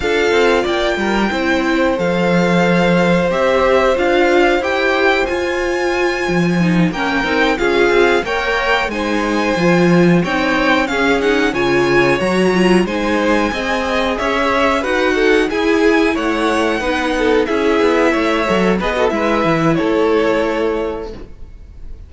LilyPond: <<
  \new Staff \with { instrumentName = "violin" } { \time 4/4 \tempo 4 = 91 f''4 g''2 f''4~ | f''4 e''4 f''4 g''4 | gis''2~ gis''8 g''4 f''8~ | f''8 g''4 gis''2 g''8~ |
g''8 f''8 fis''8 gis''4 ais''4 gis''8~ | gis''4. e''4 fis''4 gis''8~ | gis''8 fis''2 e''4.~ | e''8 dis''8 e''4 cis''2 | }
  \new Staff \with { instrumentName = "violin" } { \time 4/4 a'4 d''8 ais'8 c''2~ | c''1~ | c''2~ c''8 ais'4 gis'8~ | gis'8 cis''4 c''2 cis''8~ |
cis''8 gis'4 cis''2 c''8~ | c''8 dis''4 cis''4 b'8 a'8 gis'8~ | gis'8 cis''4 b'8 a'8 gis'4 cis''8~ | cis''8 b'16 a'16 b'4 a'2 | }
  \new Staff \with { instrumentName = "viola" } { \time 4/4 f'2 e'4 a'4~ | a'4 g'4 f'4 g'4 | f'2 dis'8 cis'8 dis'8 f'8~ | f'8 ais'4 dis'4 f'4 dis'8~ |
dis'8 cis'8 dis'8 f'4 fis'8 f'8 dis'8~ | dis'8 gis'2 fis'4 e'8~ | e'4. dis'4 e'4. | a'8 gis'16 fis'16 e'2. | }
  \new Staff \with { instrumentName = "cello" } { \time 4/4 d'8 c'8 ais8 g8 c'4 f4~ | f4 c'4 d'4 e'4 | f'4. f4 ais8 c'8 cis'8 | c'8 ais4 gis4 f4 c'8~ |
c'8 cis'4 cis4 fis4 gis8~ | gis8 c'4 cis'4 dis'4 e'8~ | e'8 a4 b4 cis'8 b8 a8 | fis8 b8 gis8 e8 a2 | }
>>